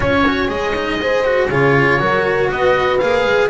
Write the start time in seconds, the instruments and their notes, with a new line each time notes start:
0.00 double bass C#4, cello F4, oboe C#5, horn C#5
0.26 cello F#4
0.47 double bass G#3, cello G#4, oboe D#5
0.75 cello D#4
1.01 cello G#4, horn C5
1.24 cello F#4
1.49 double bass C#3, cello F4, horn G#4, oboe C#5
1.99 double bass F#3, cello F#4, horn A#4
2.50 double bass B3, horn B4, oboe D#5
2.98 double bass A#3, cello G#4, oboe F5
3.25 double bass G#3